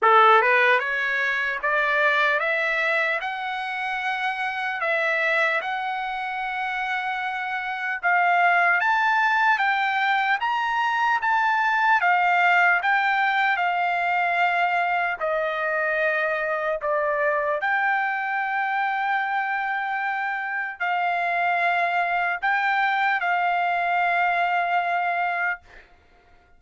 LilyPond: \new Staff \with { instrumentName = "trumpet" } { \time 4/4 \tempo 4 = 75 a'8 b'8 cis''4 d''4 e''4 | fis''2 e''4 fis''4~ | fis''2 f''4 a''4 | g''4 ais''4 a''4 f''4 |
g''4 f''2 dis''4~ | dis''4 d''4 g''2~ | g''2 f''2 | g''4 f''2. | }